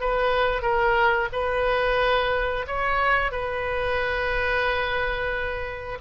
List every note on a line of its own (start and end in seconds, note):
0.00 0.62 B4
0.62 1.28 A#4
1.32 2.65 B4
2.67 3.31 C#5
3.31 5.98 B4